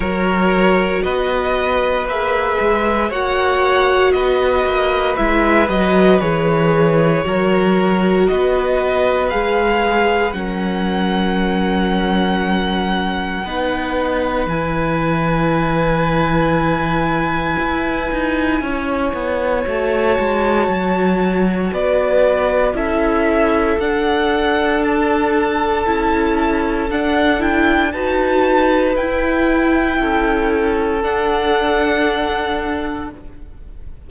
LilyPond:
<<
  \new Staff \with { instrumentName = "violin" } { \time 4/4 \tempo 4 = 58 cis''4 dis''4 e''4 fis''4 | dis''4 e''8 dis''8 cis''2 | dis''4 f''4 fis''2~ | fis''2 gis''2~ |
gis''2. a''4~ | a''4 d''4 e''4 fis''4 | a''2 fis''8 g''8 a''4 | g''2 fis''2 | }
  \new Staff \with { instrumentName = "violin" } { \time 4/4 ais'4 b'2 cis''4 | b'2. ais'4 | b'2 ais'2~ | ais'4 b'2.~ |
b'2 cis''2~ | cis''4 b'4 a'2~ | a'2. b'4~ | b'4 a'2. | }
  \new Staff \with { instrumentName = "viola" } { \time 4/4 fis'2 gis'4 fis'4~ | fis'4 e'8 fis'8 gis'4 fis'4~ | fis'4 gis'4 cis'2~ | cis'4 dis'4 e'2~ |
e'2. fis'4~ | fis'2 e'4 d'4~ | d'4 e'4 d'8 e'8 fis'4 | e'2 d'2 | }
  \new Staff \with { instrumentName = "cello" } { \time 4/4 fis4 b4 ais8 gis8 ais4 | b8 ais8 gis8 fis8 e4 fis4 | b4 gis4 fis2~ | fis4 b4 e2~ |
e4 e'8 dis'8 cis'8 b8 a8 gis8 | fis4 b4 cis'4 d'4~ | d'4 cis'4 d'4 dis'4 | e'4 cis'4 d'2 | }
>>